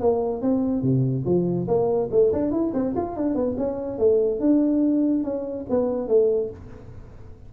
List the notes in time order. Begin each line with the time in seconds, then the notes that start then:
0.00 A#3
0.42 C4
0.82 C3
1.25 F3
1.67 A#3
2.11 A3
2.32 D4
2.51 E4
2.73 C4
2.96 F4
3.16 D4
3.35 B3
3.58 C#4
3.98 A3
4.40 D4
5.24 C#4
5.69 B3
6.08 A3